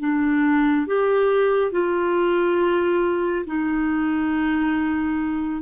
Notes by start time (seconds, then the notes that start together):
0.00 D4
0.87 G4
1.72 F4
3.47 D#4